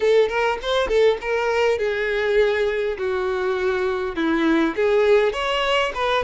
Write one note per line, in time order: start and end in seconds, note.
0.00 0.28 A4
0.28 0.58 A#4
0.62 0.87 C5
0.87 1.17 A4
1.21 1.78 A#4
1.78 2.97 G#4
2.98 4.15 F#4
4.15 4.75 E4
4.76 5.32 G#4
5.32 5.92 C#5
5.94 6.23 B4